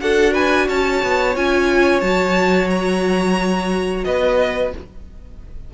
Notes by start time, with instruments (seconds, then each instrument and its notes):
0.00 cello D4, viola F#4, violin A4 F#5
0.33 violin B4 G#5
0.68 cello C#4, violin C#5 A5
1.03 cello B3
1.35 cello C#4, viola F4, violin G#5
2.00 cello F#3, viola F#4, violin A5
2.70 violin A#5
4.04 cello B3, violin B4 D#5